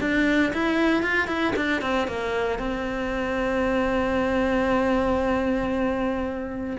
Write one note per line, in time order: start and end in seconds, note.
0.00 0.52 D4
0.53 1.02 E4
1.02 1.27 F4
1.27 1.53 E4
1.56 1.81 D4
1.81 2.07 C4
2.08 2.59 A#3
2.59 6.76 C4